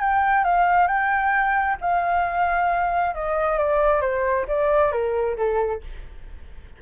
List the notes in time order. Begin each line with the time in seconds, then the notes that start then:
0.00 G5
0.44 F5
0.87 G5
1.81 F5
3.14 D#5
3.58 D5
4.01 C5
4.48 D5
4.92 A#4
5.37 A4